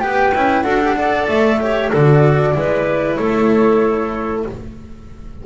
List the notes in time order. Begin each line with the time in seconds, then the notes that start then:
0.00 B3 G4 B4 G5
0.35 C#4 E4
0.62 D4 F#4 A4 F#5
0.80 G4
0.96 A4 D5
1.28 A3 E5
1.60 G4 C#5
1.91 D3 F#4 A4 D5
2.54 G#3 E4 B4
3.15 A3 A4 C#5